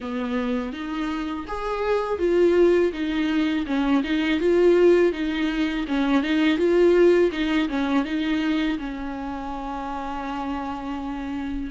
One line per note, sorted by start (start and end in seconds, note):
0.00 0.73 B3
0.73 1.46 D#4
1.47 2.19 G#4
2.19 2.92 F4
2.92 3.66 D#4
3.66 4.02 C#4
4.03 4.40 D#4
4.40 5.12 F4
5.12 5.85 D#4
5.87 6.22 C#4
6.22 6.57 D#4
6.57 7.30 F4
7.31 7.68 D#4
7.68 8.05 C#4
8.05 8.78 D#4
8.78 11.71 C#4